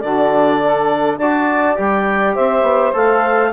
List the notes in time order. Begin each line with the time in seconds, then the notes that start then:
0.00 D3 D4 F#4 D5
0.63 A4
1.17 D4 F#4 D5 A5
1.76 G3 G4 G5
2.34 C4 C5 E5
2.62 B3
2.93 A3 A4 F5